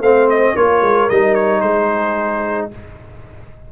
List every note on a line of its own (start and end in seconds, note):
0.00 0.54 A3
0.00 0.57 C4
0.00 0.54 C5
0.00 0.29 F5
0.29 0.56 D#5
0.55 0.82 A#3
0.55 1.10 F4
0.55 1.62 A#4
0.55 1.09 C#5
0.82 1.08 G#3
1.09 1.62 G3
1.09 2.71 D#4
1.09 1.35 D#5
1.35 1.61 C#5
1.61 2.69 G#3
1.61 2.72 G#4
1.61 2.68 C5